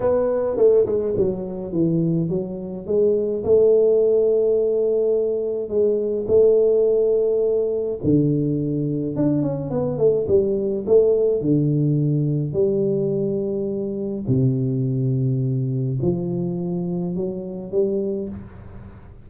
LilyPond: \new Staff \with { instrumentName = "tuba" } { \time 4/4 \tempo 4 = 105 b4 a8 gis8 fis4 e4 | fis4 gis4 a2~ | a2 gis4 a4~ | a2 d2 |
d'8 cis'8 b8 a8 g4 a4 | d2 g2~ | g4 c2. | f2 fis4 g4 | }